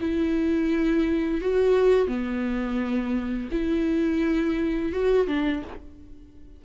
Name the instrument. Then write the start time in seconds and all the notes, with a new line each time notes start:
viola
0.00 E4
1.41 F#4
2.08 B3
3.51 E4
4.92 F#4
5.27 D4